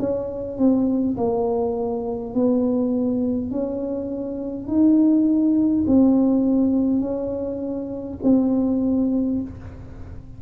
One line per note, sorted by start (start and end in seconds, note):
0.00 0.58 C#4
0.58 1.17 C4
1.17 2.35 A#3
2.35 3.51 B3
3.51 4.68 C#4
4.68 5.86 D#4
5.88 7.01 C4
7.01 8.19 C#4
8.24 9.41 C4